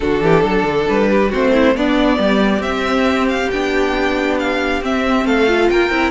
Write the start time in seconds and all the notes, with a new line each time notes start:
0.00 D3 D4 F#4 A4
0.21 E3 G4
0.44 F#3 A4
0.63 D3
0.87 G3 B4
1.10 G4
1.29 A3 C4 F#4 C5
1.53 E4
1.75 B3 D4 D5
2.18 G3 G4
2.59 C4 E5
3.28 F5
3.50 B3 D4 G5
4.38 F5
4.81 C4 E5
5.25 A3 A4 F5
5.47 F4
5.69 A#3 A#4 G5
5.90 C4 E4